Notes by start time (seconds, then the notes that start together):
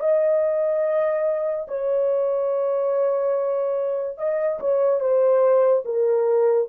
0.00 D#5
1.68 C#5
4.18 D#5
4.60 C#5
5.00 C5
5.85 A#4